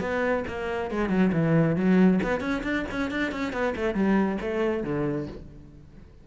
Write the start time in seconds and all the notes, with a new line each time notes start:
0.00 B3
0.48 A#3
0.91 G#3
1.09 F#3
1.33 E3
1.76 F#3
2.23 B3
2.40 C#4
2.63 D4
2.91 C#4
3.11 D4
3.31 C#4
3.53 B3
3.76 A3
3.94 G3
4.41 A3
4.84 D3